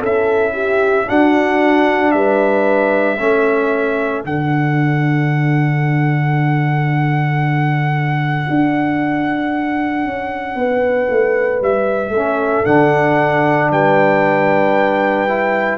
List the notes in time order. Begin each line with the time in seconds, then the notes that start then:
0.00 C#4 E4 A4 E5
0.54 G4
1.07 D4 F#4 F#5
2.12 G3 B4 E5
3.19 A3 C#4 A4
4.24 D3 D4 F#5
8.50 D4
10.05 C#4
10.55 B3 B4
11.10 A3
11.61 G3 E5
12.09 A3 A4
12.16 C#4
12.65 D3 D4 F#5
13.71 G3 B4 G5
15.28 E4